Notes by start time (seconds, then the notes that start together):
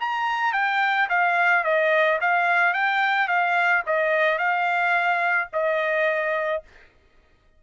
0.00 A#5
0.53 G5
1.09 F5
1.64 D#5
2.21 F5
2.74 G5
3.28 F5
3.86 D#5
4.38 F5
5.52 D#5